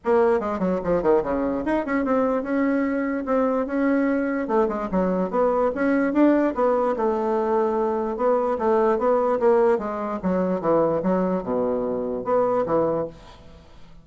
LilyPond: \new Staff \with { instrumentName = "bassoon" } { \time 4/4 \tempo 4 = 147 ais4 gis8 fis8 f8 dis8 cis4 | dis'8 cis'8 c'4 cis'2 | c'4 cis'2 a8 gis8 | fis4 b4 cis'4 d'4 |
b4 a2. | b4 a4 b4 ais4 | gis4 fis4 e4 fis4 | b,2 b4 e4 | }